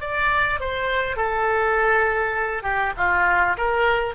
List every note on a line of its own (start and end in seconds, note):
0.00 0.59 D5
0.60 1.16 C5
1.16 2.62 A4
2.62 2.92 G4
2.97 3.56 F4
3.57 4.14 A#4